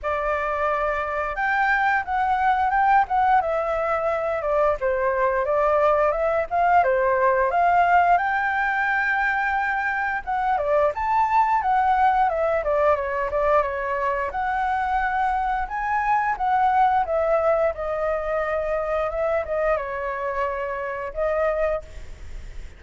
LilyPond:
\new Staff \with { instrumentName = "flute" } { \time 4/4 \tempo 4 = 88 d''2 g''4 fis''4 | g''8 fis''8 e''4. d''8 c''4 | d''4 e''8 f''8 c''4 f''4 | g''2. fis''8 d''8 |
a''4 fis''4 e''8 d''8 cis''8 d''8 | cis''4 fis''2 gis''4 | fis''4 e''4 dis''2 | e''8 dis''8 cis''2 dis''4 | }